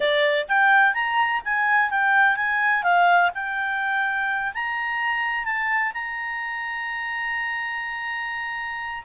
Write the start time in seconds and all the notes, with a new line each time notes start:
0.00 D5
0.48 G5
0.94 A#5
1.44 G#5
1.90 G5
2.36 G#5
2.83 F5
3.34 G5
4.54 A#5
5.45 A5
5.93 A#5